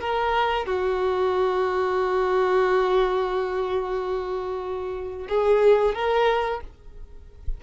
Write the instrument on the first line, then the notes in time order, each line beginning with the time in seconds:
violin
0.00 A#4
0.66 F#4
5.29 G#4
5.95 A#4